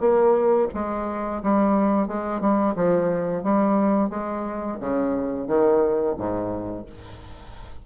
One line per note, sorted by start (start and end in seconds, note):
0.00 0.68 A#3
0.74 1.42 G#3
1.43 2.08 G3
2.08 2.41 G#3
2.41 2.75 G3
2.76 3.43 F3
3.43 4.10 G3
4.10 4.78 G#3
4.80 5.48 C#3
5.48 6.16 D#3
6.18 6.86 G#2